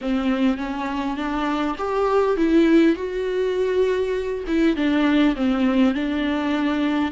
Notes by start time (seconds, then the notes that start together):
0.01 C4
0.57 C#4
1.16 D4
1.78 G4
2.36 E4
2.95 F#4
4.47 E4
4.76 D4
5.35 C4
5.94 D4